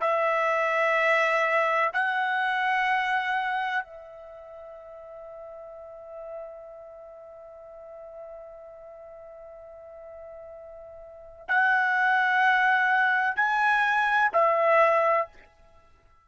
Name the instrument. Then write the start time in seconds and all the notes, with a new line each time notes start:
trumpet
0.00 E5
1.93 F#5
3.84 E5
11.48 F#5
13.36 G#5
14.33 E5